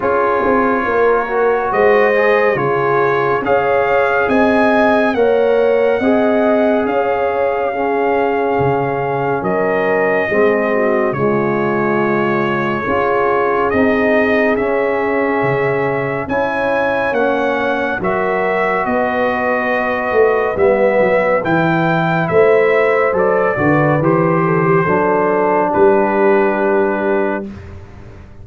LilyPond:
<<
  \new Staff \with { instrumentName = "trumpet" } { \time 4/4 \tempo 4 = 70 cis''2 dis''4 cis''4 | f''4 gis''4 fis''2 | f''2. dis''4~ | dis''4 cis''2. |
dis''4 e''2 gis''4 | fis''4 e''4 dis''2 | e''4 g''4 e''4 d''4 | c''2 b'2 | }
  \new Staff \with { instrumentName = "horn" } { \time 4/4 gis'4 ais'4 c''4 gis'4 | cis''4 dis''4 cis''4 dis''4 | cis''4 gis'2 ais'4 | gis'8 fis'8 f'2 gis'4~ |
gis'2. cis''4~ | cis''4 ais'4 b'2~ | b'2 c''4. b'8~ | b'8 a'16 g'16 a'4 g'2 | }
  \new Staff \with { instrumentName = "trombone" } { \time 4/4 f'4. fis'4 gis'8 f'4 | gis'2 ais'4 gis'4~ | gis'4 cis'2. | c'4 gis2 f'4 |
dis'4 cis'2 e'4 | cis'4 fis'2. | b4 e'2 a'8 fis'8 | g'4 d'2. | }
  \new Staff \with { instrumentName = "tuba" } { \time 4/4 cis'8 c'8 ais4 gis4 cis4 | cis'4 c'4 ais4 c'4 | cis'2 cis4 fis4 | gis4 cis2 cis'4 |
c'4 cis'4 cis4 cis'4 | ais4 fis4 b4. a8 | g8 fis8 e4 a4 fis8 d8 | e4 fis4 g2 | }
>>